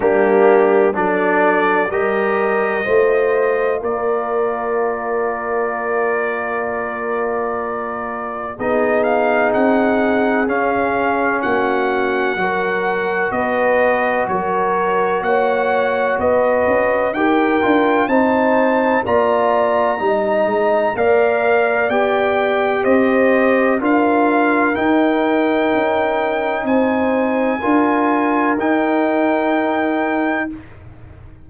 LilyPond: <<
  \new Staff \with { instrumentName = "trumpet" } { \time 4/4 \tempo 4 = 63 g'4 d''4 dis''2 | d''1~ | d''4 dis''8 f''8 fis''4 f''4 | fis''2 dis''4 cis''4 |
fis''4 dis''4 g''4 a''4 | ais''2 f''4 g''4 | dis''4 f''4 g''2 | gis''2 g''2 | }
  \new Staff \with { instrumentName = "horn" } { \time 4/4 d'4 a'4 ais'4 c''4 | ais'1~ | ais'4 gis'2. | fis'4 ais'4 b'4 ais'4 |
cis''4 b'4 ais'4 c''4 | d''4 dis''4 d''2 | c''4 ais'2. | c''4 ais'2. | }
  \new Staff \with { instrumentName = "trombone" } { \time 4/4 ais4 d'4 g'4 f'4~ | f'1~ | f'4 dis'2 cis'4~ | cis'4 fis'2.~ |
fis'2 g'8 f'8 dis'4 | f'4 dis'4 ais'4 g'4~ | g'4 f'4 dis'2~ | dis'4 f'4 dis'2 | }
  \new Staff \with { instrumentName = "tuba" } { \time 4/4 g4 fis4 g4 a4 | ais1~ | ais4 b4 c'4 cis'4 | ais4 fis4 b4 fis4 |
ais4 b8 cis'8 dis'8 d'8 c'4 | ais4 g8 gis8 ais4 b4 | c'4 d'4 dis'4 cis'4 | c'4 d'4 dis'2 | }
>>